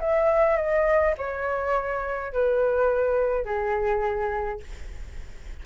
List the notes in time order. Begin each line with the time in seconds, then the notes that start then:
0.00 E5
0.57 D#5
1.18 C#5
2.33 B4
3.45 G#4